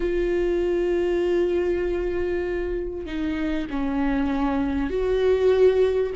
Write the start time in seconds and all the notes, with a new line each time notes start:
0.00 F4
3.06 D#4
3.70 C#4
4.90 F#4